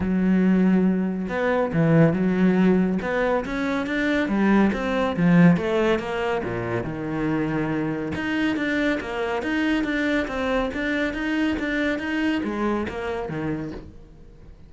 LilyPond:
\new Staff \with { instrumentName = "cello" } { \time 4/4 \tempo 4 = 140 fis2. b4 | e4 fis2 b4 | cis'4 d'4 g4 c'4 | f4 a4 ais4 ais,4 |
dis2. dis'4 | d'4 ais4 dis'4 d'4 | c'4 d'4 dis'4 d'4 | dis'4 gis4 ais4 dis4 | }